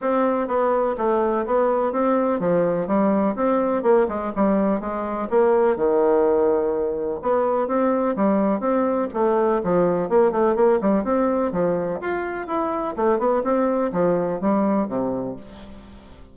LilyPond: \new Staff \with { instrumentName = "bassoon" } { \time 4/4 \tempo 4 = 125 c'4 b4 a4 b4 | c'4 f4 g4 c'4 | ais8 gis8 g4 gis4 ais4 | dis2. b4 |
c'4 g4 c'4 a4 | f4 ais8 a8 ais8 g8 c'4 | f4 f'4 e'4 a8 b8 | c'4 f4 g4 c4 | }